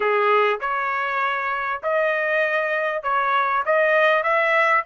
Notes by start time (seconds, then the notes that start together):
0.00 G#4
0.60 C#5
1.83 D#5
3.02 C#5
3.65 D#5
4.23 E5